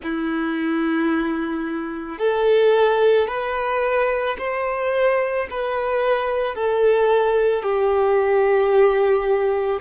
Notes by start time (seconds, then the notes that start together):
0.03 E4
2.18 A4
3.27 B4
4.38 C5
5.50 B4
6.55 A4
7.63 G4